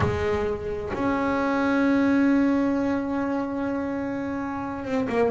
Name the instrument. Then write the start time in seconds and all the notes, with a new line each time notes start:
double bass
0.00 G#3
0.93 C#4
4.84 C4
5.08 A#3